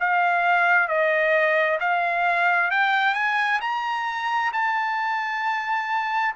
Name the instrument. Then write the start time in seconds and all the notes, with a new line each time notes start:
trumpet
0.00 F5
0.88 D#5
1.80 F5
2.71 G5
3.14 G#5
3.61 A#5
4.53 A5